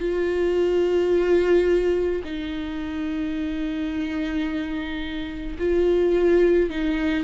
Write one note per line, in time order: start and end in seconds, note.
0.00 2.22 F4
2.24 5.58 D#4
5.59 6.70 F4
6.70 7.24 D#4